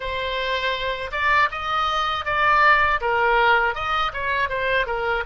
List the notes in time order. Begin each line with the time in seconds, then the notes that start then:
0.00 C5
1.11 D5
1.51 D#5
2.25 D5
3.00 A#4
3.74 D#5
4.13 C#5
4.49 C5
4.86 A#4